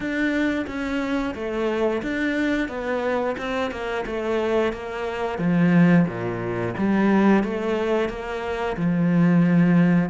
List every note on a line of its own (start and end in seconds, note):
0.00 0.65 D4
0.66 1.34 C#4
1.34 2.02 A3
2.02 2.68 D4
2.68 3.36 B3
3.37 3.71 C4
3.71 4.04 A#3
4.06 4.73 A3
4.73 5.38 A#3
5.38 6.06 F3
6.07 6.74 A#2
6.77 7.43 G3
7.43 8.09 A3
8.09 8.76 A#3
8.76 10.09 F3